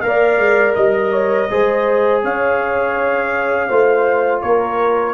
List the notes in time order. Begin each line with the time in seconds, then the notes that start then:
0.00 A#3 A#4 F5
0.06 D5
0.37 G#3
0.75 G3 D#5
1.12 C#5
1.50 G#3 G#4 C5
2.23 C#4 C#5 F5
3.68 A3 F4 C5
4.41 A#3 A#4 C#5